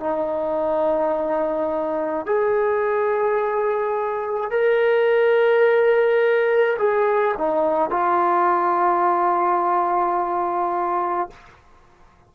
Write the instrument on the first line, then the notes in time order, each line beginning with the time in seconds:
trombone
0.00 D#4
2.26 G#4
4.51 A#4
6.79 G#4
7.38 D#4
7.90 F4